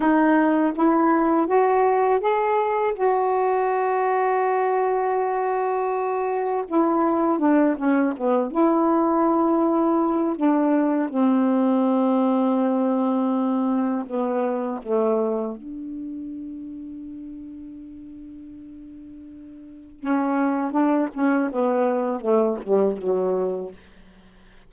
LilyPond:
\new Staff \with { instrumentName = "saxophone" } { \time 4/4 \tempo 4 = 81 dis'4 e'4 fis'4 gis'4 | fis'1~ | fis'4 e'4 d'8 cis'8 b8 e'8~ | e'2 d'4 c'4~ |
c'2. b4 | a4 d'2.~ | d'2. cis'4 | d'8 cis'8 b4 a8 g8 fis4 | }